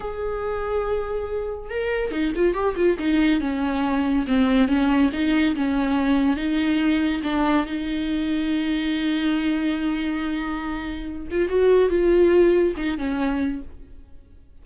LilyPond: \new Staff \with { instrumentName = "viola" } { \time 4/4 \tempo 4 = 141 gis'1 | ais'4 dis'8 f'8 g'8 f'8 dis'4 | cis'2 c'4 cis'4 | dis'4 cis'2 dis'4~ |
dis'4 d'4 dis'2~ | dis'1~ | dis'2~ dis'8 f'8 fis'4 | f'2 dis'8 cis'4. | }